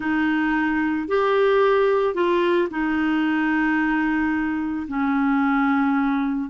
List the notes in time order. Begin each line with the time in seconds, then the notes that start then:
0.00 D#4
1.08 G4
2.14 F4
2.70 D#4
4.88 C#4